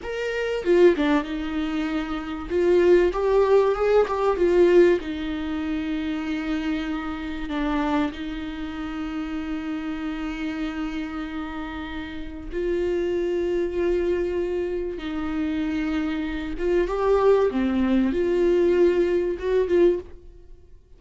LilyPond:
\new Staff \with { instrumentName = "viola" } { \time 4/4 \tempo 4 = 96 ais'4 f'8 d'8 dis'2 | f'4 g'4 gis'8 g'8 f'4 | dis'1 | d'4 dis'2.~ |
dis'1 | f'1 | dis'2~ dis'8 f'8 g'4 | c'4 f'2 fis'8 f'8 | }